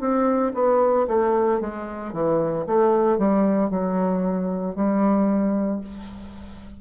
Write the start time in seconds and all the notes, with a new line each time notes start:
0.00 C4
0.54 B3
1.08 A3
1.60 G#3
2.12 E3
2.67 A3
3.18 G3
3.70 F#3
4.76 G3